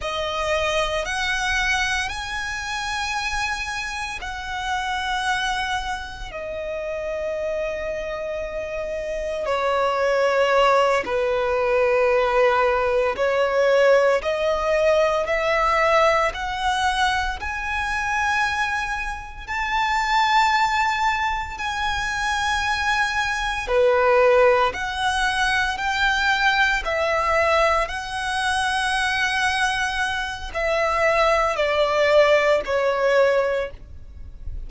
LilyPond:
\new Staff \with { instrumentName = "violin" } { \time 4/4 \tempo 4 = 57 dis''4 fis''4 gis''2 | fis''2 dis''2~ | dis''4 cis''4. b'4.~ | b'8 cis''4 dis''4 e''4 fis''8~ |
fis''8 gis''2 a''4.~ | a''8 gis''2 b'4 fis''8~ | fis''8 g''4 e''4 fis''4.~ | fis''4 e''4 d''4 cis''4 | }